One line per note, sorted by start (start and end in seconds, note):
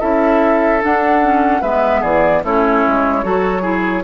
0.00 0.84 C#4
0.00 0.81 E4
0.00 1.62 A4
0.00 0.82 E5
0.81 1.22 D4
0.81 1.63 D4
0.81 1.62 F#5
1.22 1.63 C#4
1.62 2.03 G#3
1.62 2.45 B3
1.62 2.01 B4
1.62 2.03 E5
2.01 2.43 E3
2.01 2.42 G#4
2.01 2.44 D5
2.44 2.85 A3
2.44 3.24 C#4
2.44 3.25 E4
2.44 4.04 C#5
2.88 3.24 G#3
3.24 4.04 F#3
3.24 3.62 F#4
3.24 3.62 A4
3.62 4.03 E4
3.62 4.03 G#4